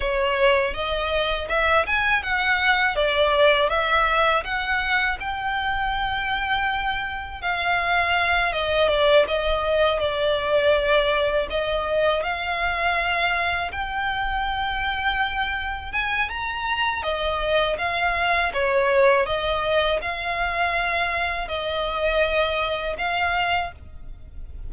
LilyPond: \new Staff \with { instrumentName = "violin" } { \time 4/4 \tempo 4 = 81 cis''4 dis''4 e''8 gis''8 fis''4 | d''4 e''4 fis''4 g''4~ | g''2 f''4. dis''8 | d''8 dis''4 d''2 dis''8~ |
dis''8 f''2 g''4.~ | g''4. gis''8 ais''4 dis''4 | f''4 cis''4 dis''4 f''4~ | f''4 dis''2 f''4 | }